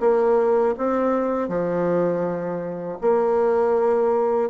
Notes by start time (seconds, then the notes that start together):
0.00 A#3
0.78 C4
1.48 F3
3.01 A#3